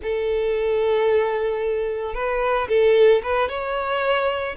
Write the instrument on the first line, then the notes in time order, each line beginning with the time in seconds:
violin
0.03 A4
2.14 B4
2.68 A4
3.23 B4
3.48 C#5